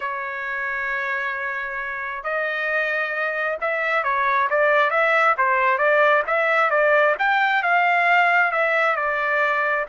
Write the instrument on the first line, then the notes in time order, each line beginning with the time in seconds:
trumpet
0.00 C#5
2.23 D#5
3.60 E5
4.03 C#5
4.49 D5
4.90 E5
5.37 C5
5.78 D5
6.26 E5
6.70 D5
7.18 G5
7.62 F5
8.51 E5
8.96 D5